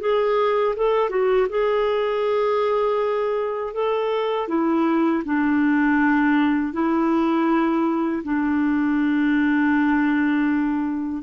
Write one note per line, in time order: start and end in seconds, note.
0.00 0.75 G#4
0.76 1.09 A4
1.09 1.47 F#4
1.49 3.74 G#4
3.74 4.48 A4
4.48 5.23 E4
5.25 6.73 D4
6.73 8.23 E4
8.24 11.23 D4